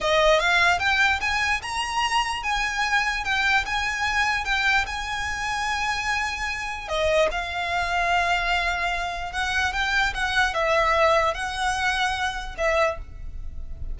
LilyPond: \new Staff \with { instrumentName = "violin" } { \time 4/4 \tempo 4 = 148 dis''4 f''4 g''4 gis''4 | ais''2 gis''2 | g''4 gis''2 g''4 | gis''1~ |
gis''4 dis''4 f''2~ | f''2. fis''4 | g''4 fis''4 e''2 | fis''2. e''4 | }